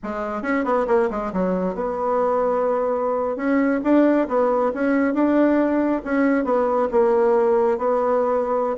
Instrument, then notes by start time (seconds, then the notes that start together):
bassoon
0.03 G#3
0.42 C#4
0.64 B3
0.87 A#3
1.10 G#3
1.32 F#3
1.74 B3
3.36 C#4
3.83 D4
4.28 B3
4.74 C#4
5.13 D4
6.04 C#4
6.44 B3
6.91 A#3
7.78 B3